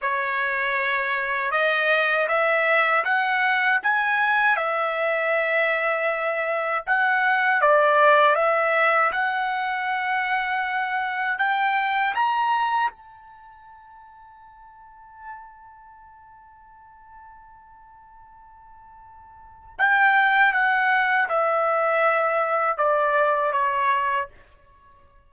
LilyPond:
\new Staff \with { instrumentName = "trumpet" } { \time 4/4 \tempo 4 = 79 cis''2 dis''4 e''4 | fis''4 gis''4 e''2~ | e''4 fis''4 d''4 e''4 | fis''2. g''4 |
ais''4 a''2.~ | a''1~ | a''2 g''4 fis''4 | e''2 d''4 cis''4 | }